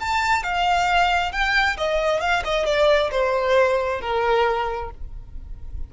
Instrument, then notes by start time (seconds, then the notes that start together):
violin
0.00 A5
0.43 F5
1.32 G5
1.77 D#5
2.20 F5
2.44 D#5
2.66 D5
3.11 C5
4.01 A#4